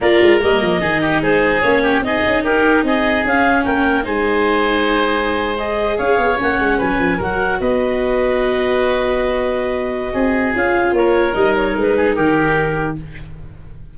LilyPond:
<<
  \new Staff \with { instrumentName = "clarinet" } { \time 4/4 \tempo 4 = 148 d''4 dis''2 c''4 | cis''4 dis''4 ais'4 dis''4 | f''4 g''4 gis''2~ | gis''4.~ gis''16 dis''4 f''4 fis''16~ |
fis''8. gis''4 fis''4 dis''4~ dis''16~ | dis''1~ | dis''2 f''4 cis''4 | dis''8 cis''8 b'4 ais'2 | }
  \new Staff \with { instrumentName = "oboe" } { \time 4/4 ais'2 gis'8 g'8 gis'4~ | gis'8 g'8 gis'4 g'4 gis'4~ | gis'4 ais'4 c''2~ | c''2~ c''8. cis''4~ cis''16~ |
cis''8. b'4 ais'4 b'4~ b'16~ | b'1~ | b'4 gis'2 ais'4~ | ais'4. gis'8 g'2 | }
  \new Staff \with { instrumentName = "viola" } { \time 4/4 f'4 ais4 dis'2 | cis'4 dis'2. | cis'2 dis'2~ | dis'4.~ dis'16 gis'2 cis'16~ |
cis'4.~ cis'16 fis'2~ fis'16~ | fis'1~ | fis'2 f'2 | dis'1 | }
  \new Staff \with { instrumentName = "tuba" } { \time 4/4 ais8 gis8 g8 f8 dis4 gis4 | ais4 c'8 cis'8 dis'4 c'4 | cis'4 ais4 gis2~ | gis2~ gis8. cis'8 b8 ais16~ |
ais16 gis8 fis8 f8 fis4 b4~ b16~ | b1~ | b4 c'4 cis'4 ais4 | g4 gis4 dis2 | }
>>